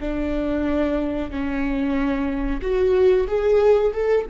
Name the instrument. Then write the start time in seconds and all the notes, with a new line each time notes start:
viola
0.00 D4
1.30 C#4
2.61 F#4
3.27 G#4
3.93 A4